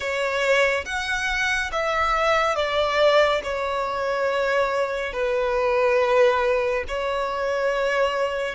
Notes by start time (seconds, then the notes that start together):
0.00 C#5
0.85 F#5
1.71 E5
2.55 D5
3.43 C#5
5.12 B4
6.88 C#5